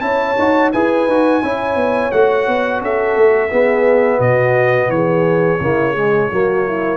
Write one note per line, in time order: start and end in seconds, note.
0.00 0.36 C#4
0.00 0.35 E4
0.00 0.72 C#5
0.00 0.70 A5
0.38 0.73 D#4
0.38 0.74 F#4
0.72 1.07 E4
0.72 1.09 G#4
0.72 1.42 B4
0.72 2.11 G#5
1.07 1.42 D#4
1.07 1.43 F#4
1.42 1.75 C#4
1.42 2.13 E4
1.42 2.83 C#5
1.75 2.10 B3
2.11 2.47 A3
2.11 3.49 F#4
2.11 2.81 F#5
2.47 2.81 B3
2.81 3.16 C#4
2.81 3.50 A4
2.81 4.21 E5
3.16 3.51 A3
3.49 5.58 B3
3.49 4.19 B3
3.49 4.17 G#4
4.17 4.88 B2
4.17 4.87 F#4
4.17 4.90 D#5
4.88 5.58 E3
4.88 5.61 G#4
4.88 6.97 C#5
5.60 6.30 C#3
5.60 5.96 A#3
5.60 5.93 E4
5.93 6.31 G#3
5.93 6.28 G#4
6.31 6.97 F#3
6.31 6.97 A#3
6.31 6.67 F#4
6.67 6.97 E4